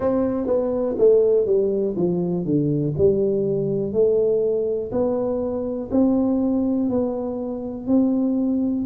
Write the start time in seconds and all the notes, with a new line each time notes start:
0.00 C4
0.46 B3
0.98 A3
1.46 G3
1.96 F3
2.45 D3
2.97 G3
3.93 A3
4.91 B3
5.91 C4
6.89 B3
7.87 C4